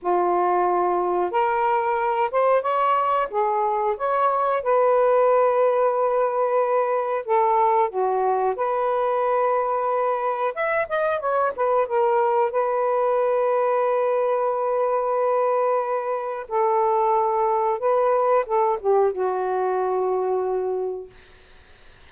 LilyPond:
\new Staff \with { instrumentName = "saxophone" } { \time 4/4 \tempo 4 = 91 f'2 ais'4. c''8 | cis''4 gis'4 cis''4 b'4~ | b'2. a'4 | fis'4 b'2. |
e''8 dis''8 cis''8 b'8 ais'4 b'4~ | b'1~ | b'4 a'2 b'4 | a'8 g'8 fis'2. | }